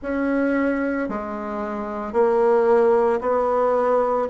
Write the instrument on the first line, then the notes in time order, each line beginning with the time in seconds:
bassoon
0.02 C#4
1.09 G#3
2.12 A#3
3.20 B3